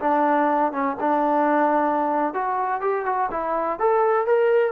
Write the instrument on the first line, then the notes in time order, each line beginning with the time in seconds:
trombone
0.00 D4
0.73 C#4
1.00 D4
2.34 F#4
2.81 G4
3.06 F#4
3.31 E4
3.80 A4
4.27 A#4